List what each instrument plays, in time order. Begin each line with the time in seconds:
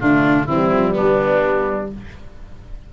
0.00 tuba D3, saxophone A3, violin D4, oboe F4
0.45 tuba E3, saxophone G3, violin C4, oboe E4
0.72 tuba F3
0.93 violin B3, oboe D4
1.00 tuba G3